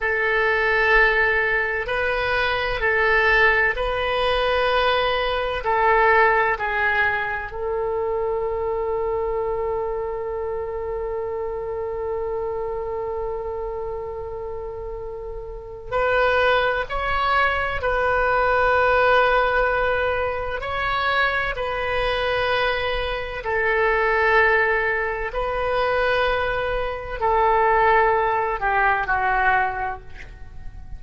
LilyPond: \new Staff \with { instrumentName = "oboe" } { \time 4/4 \tempo 4 = 64 a'2 b'4 a'4 | b'2 a'4 gis'4 | a'1~ | a'1~ |
a'4 b'4 cis''4 b'4~ | b'2 cis''4 b'4~ | b'4 a'2 b'4~ | b'4 a'4. g'8 fis'4 | }